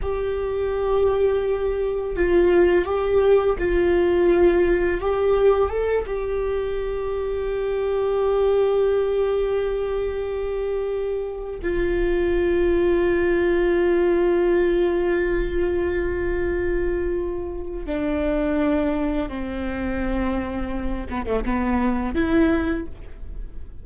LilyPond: \new Staff \with { instrumentName = "viola" } { \time 4/4 \tempo 4 = 84 g'2. f'4 | g'4 f'2 g'4 | a'8 g'2.~ g'8~ | g'1~ |
g'16 f'2.~ f'8.~ | f'1~ | f'4 d'2 c'4~ | c'4. b16 a16 b4 e'4 | }